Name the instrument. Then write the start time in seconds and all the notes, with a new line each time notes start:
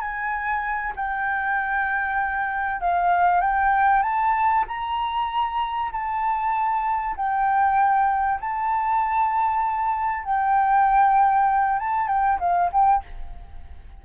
flute
0.00 G#5
0.96 G5
2.81 F5
3.41 G5
4.02 A5
4.68 A#5
5.92 A5
7.16 G5
8.40 A5
10.24 G5
11.79 A5
12.07 G5
12.39 F5
12.72 G5